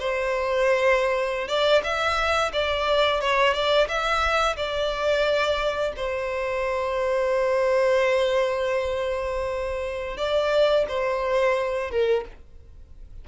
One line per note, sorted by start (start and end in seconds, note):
0.00 1.48 C5
1.48 1.83 D5
1.84 2.52 E5
2.53 3.21 D5
3.21 3.54 C#5
3.54 3.88 D5
3.88 4.56 E5
4.57 5.93 D5
5.97 10.18 C5
10.18 10.86 D5
10.89 11.91 C5
11.91 12.25 A#4